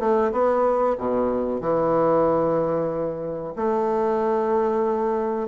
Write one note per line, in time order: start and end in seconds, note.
0.00 0.32 A3
0.32 0.97 B3
0.99 1.61 B2
1.61 3.55 E3
3.56 5.48 A3